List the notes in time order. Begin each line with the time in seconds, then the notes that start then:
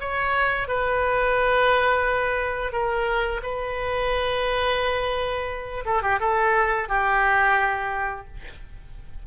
0.00 C#5
0.68 B4
2.72 A#4
3.42 B4
5.85 A4
6.02 G4
6.20 A4
6.88 G4